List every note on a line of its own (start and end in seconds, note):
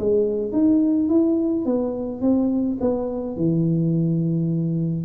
0.00 0.53 G#3
0.53 1.10 D#4
1.10 1.66 E4
1.66 2.22 B3
2.22 2.78 C4
2.81 3.37 B3
3.37 5.06 E3